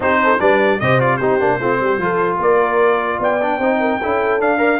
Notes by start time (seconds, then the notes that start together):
0.00 C4 D#4 G4 C5
0.23 A4
0.39 G3 D4 B4 D5
0.79 C3 G4 C5 D#5
0.99 F4 D5
1.17 C4 D#4 G4 C5
1.40 A#3 D4
1.60 A3 C4 F4
1.80 G3 G4
1.98 F3 F4 A4
2.39 A#3 A#4 D5
3.19 B3 D5 G5
3.42 D4
3.58 C4 D#4 C5
3.80 A#4
4.01 C#4 E4 A4
4.40 D4 F5
4.58 A#4 D5